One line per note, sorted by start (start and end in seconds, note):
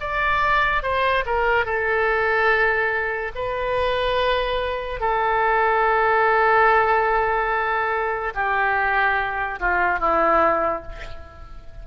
0.00 0.83 D5
0.83 1.24 C5
1.26 1.65 A#4
1.65 3.32 A4
3.35 5.00 B4
5.00 8.34 A4
8.34 9.59 G4
9.60 9.99 F4
9.99 10.83 E4